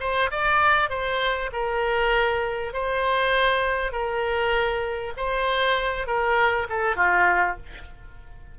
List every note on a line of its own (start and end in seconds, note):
0.00 0.30 C5
0.31 0.90 D5
0.90 1.50 C5
1.53 2.73 A#4
2.73 3.92 C5
3.92 5.13 A#4
5.17 6.07 C5
6.07 6.67 A#4
6.69 6.96 A4
6.96 7.57 F4